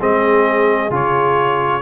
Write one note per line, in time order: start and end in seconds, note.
0.00 0.90 G#3
0.00 0.90 C4
0.00 1.81 G#4
0.00 0.94 D#5
0.90 1.81 C#3
0.90 1.81 F4
0.90 1.81 C#5